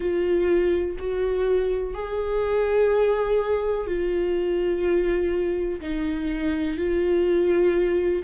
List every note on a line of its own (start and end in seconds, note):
0.00 0.97 F4
0.99 1.94 F#4
1.94 3.87 G#4
3.87 5.80 F4
5.80 6.77 D#4
6.77 8.23 F4